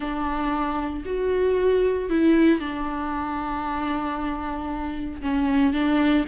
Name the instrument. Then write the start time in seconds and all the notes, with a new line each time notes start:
viola
0.00 D4
1.05 F#4
2.09 E4
2.60 D4
5.21 C#4
5.73 D4